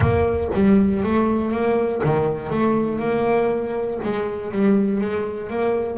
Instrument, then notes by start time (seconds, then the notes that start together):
double bass
0.00 A#3
0.53 G3
1.02 A3
1.51 A#3
2.04 D#3
2.50 A3
2.99 A#3
4.03 G#3
4.51 G3
5.00 G#3
5.50 A#3